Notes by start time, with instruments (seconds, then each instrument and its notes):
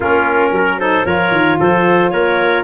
0.00 tuba A#3, saxophone C#4, trumpet F4, clarinet A#4
0.51 tuba F#3, trumpet A#4
0.79 saxophone D#4, trumpet A4, clarinet C5
1.05 tuba F3, saxophone F4, trumpet A#4, clarinet C#5
1.31 tuba D#3
1.59 tuba F3, trumpet A4, clarinet C5
2.10 tuba A#3, trumpet A#4, clarinet C#5